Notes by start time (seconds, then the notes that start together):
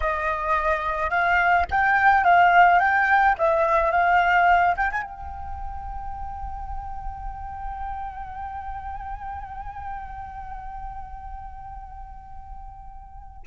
0.00 D#5
1.10 F5
1.70 G5
2.24 F5
2.79 G5
3.38 E5
3.91 F5
4.76 G5
4.91 G#5
5.02 G5